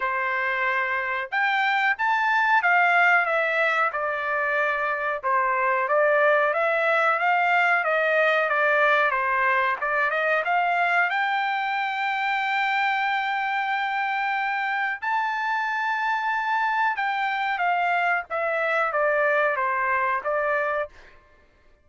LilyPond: \new Staff \with { instrumentName = "trumpet" } { \time 4/4 \tempo 4 = 92 c''2 g''4 a''4 | f''4 e''4 d''2 | c''4 d''4 e''4 f''4 | dis''4 d''4 c''4 d''8 dis''8 |
f''4 g''2.~ | g''2. a''4~ | a''2 g''4 f''4 | e''4 d''4 c''4 d''4 | }